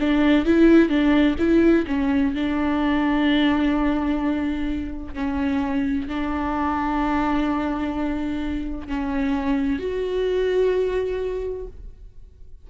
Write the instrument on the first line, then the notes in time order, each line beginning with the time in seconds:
viola
0.00 D4
0.45 E4
0.89 D4
1.38 E4
1.87 C#4
2.34 D4
5.14 C#4
6.08 D4
8.87 C#4
9.79 F#4